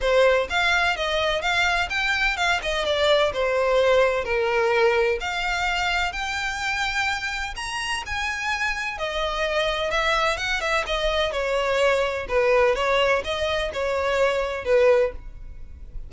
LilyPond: \new Staff \with { instrumentName = "violin" } { \time 4/4 \tempo 4 = 127 c''4 f''4 dis''4 f''4 | g''4 f''8 dis''8 d''4 c''4~ | c''4 ais'2 f''4~ | f''4 g''2. |
ais''4 gis''2 dis''4~ | dis''4 e''4 fis''8 e''8 dis''4 | cis''2 b'4 cis''4 | dis''4 cis''2 b'4 | }